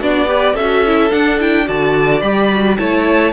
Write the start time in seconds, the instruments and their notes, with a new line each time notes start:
0.00 cello B3, viola D4, violin F#4 D5
0.27 viola G4, violin B4
0.54 cello C#4, viola F#4, violin A4 E5
0.87 viola E4
1.10 viola D4, cello D4, violin F#5
1.40 viola E4, violin G5
1.66 cello D3, viola F#4, violin D5 A5
2.21 cello G3, viola G4, violin B5
2.53 viola F#4
2.77 cello A3, viola E4, violin C#5 A5